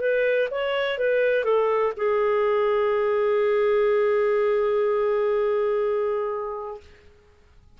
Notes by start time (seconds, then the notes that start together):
0.00 B4
0.51 C#5
0.98 B4
1.44 A4
1.96 G#4